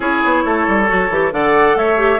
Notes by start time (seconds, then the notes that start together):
0.00 C#4 E4 G#4 C#5
0.24 B3
0.44 A3 A4
0.67 G3
0.87 F#3 F#4
1.09 E3 G4
1.32 D3 A4 D5 F#5
1.75 A3 C#5 E5
1.97 G4